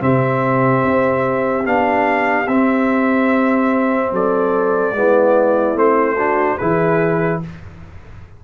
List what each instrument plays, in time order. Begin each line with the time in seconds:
0.00 tuba C3, trombone C4, horn G4, trumpet E5
0.84 tuba C4
1.65 tuba B3, trombone D4, trumpet F5
2.48 tuba C4, trombone C4, trumpet E5
4.12 tuba F#3, horn A4, trumpet D5
4.93 tuba G#3, trombone B3, horn E4
5.75 tuba A3, trombone C4, trumpet C5
6.16 trombone D4, horn F#4
6.58 tuba E3, trombone E4, horn G#4, trumpet B4